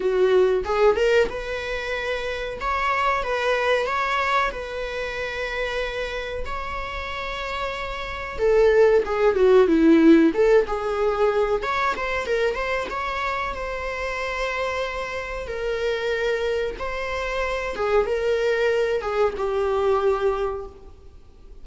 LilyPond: \new Staff \with { instrumentName = "viola" } { \time 4/4 \tempo 4 = 93 fis'4 gis'8 ais'8 b'2 | cis''4 b'4 cis''4 b'4~ | b'2 cis''2~ | cis''4 a'4 gis'8 fis'8 e'4 |
a'8 gis'4. cis''8 c''8 ais'8 c''8 | cis''4 c''2. | ais'2 c''4. gis'8 | ais'4. gis'8 g'2 | }